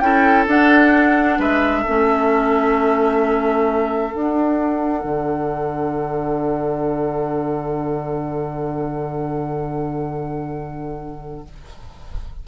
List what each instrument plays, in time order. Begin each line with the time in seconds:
0.00 bassoon C#4, clarinet E4, oboe A4, flute G5
0.47 bassoon D4, clarinet D4, flute F#5
1.39 bassoon G#3, oboe B4, flute E5
1.82 clarinet C#4, oboe A4
1.89 bassoon A3
4.15 clarinet D4, bassoon D4, flute F#5
5.04 bassoon D3